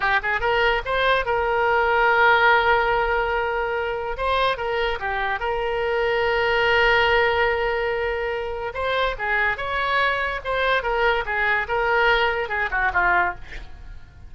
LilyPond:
\new Staff \with { instrumentName = "oboe" } { \time 4/4 \tempo 4 = 144 g'8 gis'8 ais'4 c''4 ais'4~ | ais'1~ | ais'2 c''4 ais'4 | g'4 ais'2.~ |
ais'1~ | ais'4 c''4 gis'4 cis''4~ | cis''4 c''4 ais'4 gis'4 | ais'2 gis'8 fis'8 f'4 | }